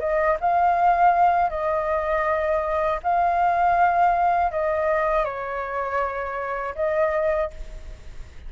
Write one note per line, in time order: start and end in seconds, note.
0.00 0.38 D#5
0.41 1.50 F5
1.50 3.00 D#5
3.03 4.52 F5
4.52 5.25 D#5
5.25 6.75 C#5
6.75 7.50 D#5